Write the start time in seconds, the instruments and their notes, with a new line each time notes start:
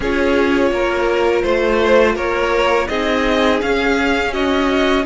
0.00 cello C#4, viola F4, violin G#4 C#5
0.71 cello A#3, violin A#4
1.42 cello A3, violin C5
2.15 cello A#3, violin A#4 C#5
2.87 cello C4, viola D#4, violin G#4 D#5
3.61 viola C#4, cello C#4, violin F5
4.32 violin F#4 D#5